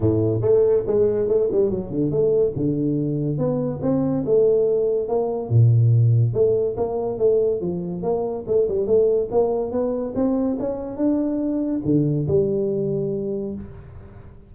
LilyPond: \new Staff \with { instrumentName = "tuba" } { \time 4/4 \tempo 4 = 142 a,4 a4 gis4 a8 g8 | fis8 d8 a4 d2 | b4 c'4 a2 | ais4 ais,2 a4 |
ais4 a4 f4 ais4 | a8 g8 a4 ais4 b4 | c'4 cis'4 d'2 | d4 g2. | }